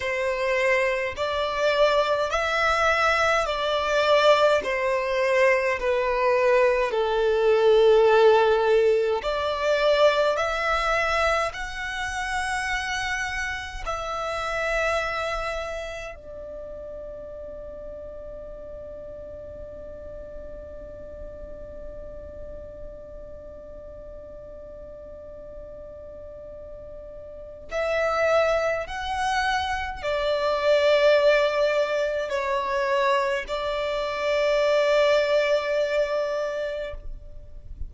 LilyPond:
\new Staff \with { instrumentName = "violin" } { \time 4/4 \tempo 4 = 52 c''4 d''4 e''4 d''4 | c''4 b'4 a'2 | d''4 e''4 fis''2 | e''2 d''2~ |
d''1~ | d''1 | e''4 fis''4 d''2 | cis''4 d''2. | }